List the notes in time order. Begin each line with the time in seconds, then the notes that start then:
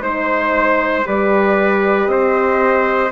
0.00 G#3 D#4 C5
1.05 G3 G4 B4 D5
2.07 C4 C5 D#5